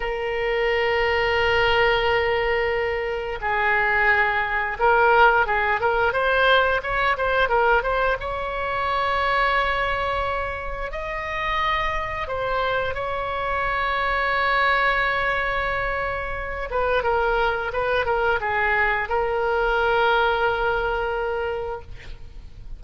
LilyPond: \new Staff \with { instrumentName = "oboe" } { \time 4/4 \tempo 4 = 88 ais'1~ | ais'4 gis'2 ais'4 | gis'8 ais'8 c''4 cis''8 c''8 ais'8 c''8 | cis''1 |
dis''2 c''4 cis''4~ | cis''1~ | cis''8 b'8 ais'4 b'8 ais'8 gis'4 | ais'1 | }